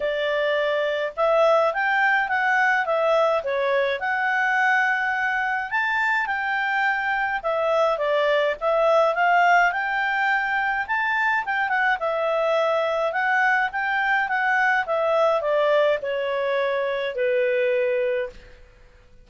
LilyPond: \new Staff \with { instrumentName = "clarinet" } { \time 4/4 \tempo 4 = 105 d''2 e''4 g''4 | fis''4 e''4 cis''4 fis''4~ | fis''2 a''4 g''4~ | g''4 e''4 d''4 e''4 |
f''4 g''2 a''4 | g''8 fis''8 e''2 fis''4 | g''4 fis''4 e''4 d''4 | cis''2 b'2 | }